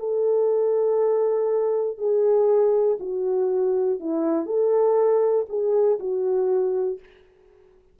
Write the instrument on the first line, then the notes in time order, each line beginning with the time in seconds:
horn
0.00 A4
1.98 G#4
3.00 F#4
4.00 E4
4.46 A4
5.49 G#4
6.00 F#4